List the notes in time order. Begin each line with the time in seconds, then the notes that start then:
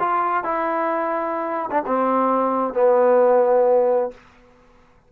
0.00 F4
0.44 E4
1.71 D4
1.87 C4
2.74 B3